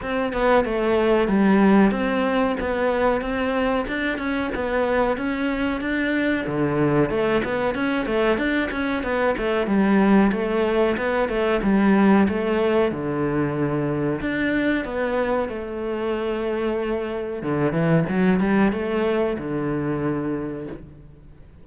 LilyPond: \new Staff \with { instrumentName = "cello" } { \time 4/4 \tempo 4 = 93 c'8 b8 a4 g4 c'4 | b4 c'4 d'8 cis'8 b4 | cis'4 d'4 d4 a8 b8 | cis'8 a8 d'8 cis'8 b8 a8 g4 |
a4 b8 a8 g4 a4 | d2 d'4 b4 | a2. d8 e8 | fis8 g8 a4 d2 | }